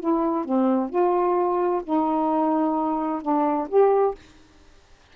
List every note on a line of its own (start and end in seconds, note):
0.00 0.45 E4
0.45 0.90 C4
0.90 1.82 F4
1.84 3.22 D#4
3.22 3.68 D4
3.69 4.15 G4